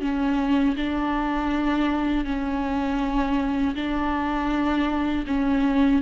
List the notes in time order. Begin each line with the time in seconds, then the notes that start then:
0.00 C#4
0.76 D4
2.25 C#4
3.75 D4
5.26 C#4